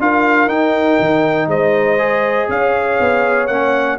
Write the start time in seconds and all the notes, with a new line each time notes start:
0.00 D4 F4 A#4 F5
0.47 D#4 G5
1.00 D#3
1.47 G#3 C5 D#5
1.99 G#4
2.49 C#4 C#5 F5
3.00 B3
3.48 A#3 C#4 F#5